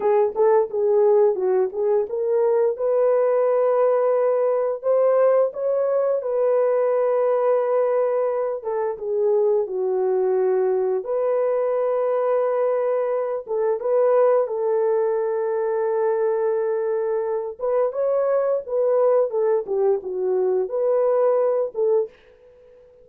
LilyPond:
\new Staff \with { instrumentName = "horn" } { \time 4/4 \tempo 4 = 87 gis'8 a'8 gis'4 fis'8 gis'8 ais'4 | b'2. c''4 | cis''4 b'2.~ | b'8 a'8 gis'4 fis'2 |
b'2.~ b'8 a'8 | b'4 a'2.~ | a'4. b'8 cis''4 b'4 | a'8 g'8 fis'4 b'4. a'8 | }